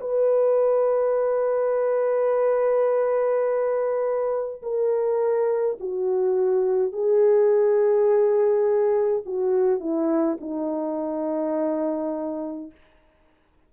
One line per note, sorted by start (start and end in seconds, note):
0.00 4.62 B4
4.62 5.77 A#4
5.80 6.92 F#4
6.92 9.23 G#4
9.25 9.80 F#4
9.80 10.37 E4
10.40 12.71 D#4